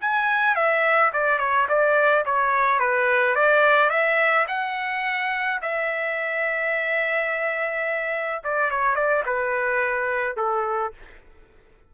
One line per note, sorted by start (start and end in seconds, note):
0.00 0.55 G#5
0.55 1.11 E5
1.12 1.38 D5
1.38 1.66 C#5
1.68 2.24 D5
2.25 2.79 C#5
2.79 3.35 B4
3.35 3.89 D5
3.89 4.46 E5
4.48 5.60 F#5
5.61 8.42 E5
8.43 8.70 D5
8.70 8.95 C#5
8.95 9.23 D5
9.25 10.36 B4
10.36 10.92 A4